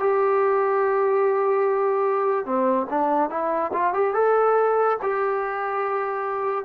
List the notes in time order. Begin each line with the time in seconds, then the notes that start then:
0.00 G4
2.46 C4
2.90 D4
3.30 E4
3.73 F4
3.94 G4
4.14 A4
5.03 G4